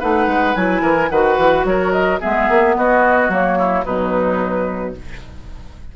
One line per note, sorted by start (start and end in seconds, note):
0.00 0.27 A3
0.00 0.56 D#4
0.00 0.82 B4
0.00 0.56 F#5
0.27 0.55 G#3
0.56 0.82 F#3
0.56 1.11 E4
0.56 1.10 G#5
0.82 1.09 E3
0.82 1.09 A#4
1.10 1.38 D#3
1.10 2.21 F#4
1.10 1.67 B4
1.10 1.65 F#5
1.38 1.65 E3
1.65 2.20 F#3
1.65 2.21 A#4
1.65 1.92 C#5
1.92 2.20 D#5
2.21 2.49 G#3
2.21 3.30 B3
2.21 2.76 G#4
2.21 2.77 E5
2.49 2.77 A#3
2.77 3.29 B3
2.77 3.59 F#4
2.77 3.32 D#5
3.29 3.84 F#3
3.29 3.85 A#3
3.29 3.85 C#5
3.59 3.85 E4
3.85 4.96 B2
3.85 4.96 F#3
3.85 4.95 D#4
3.85 4.95 B4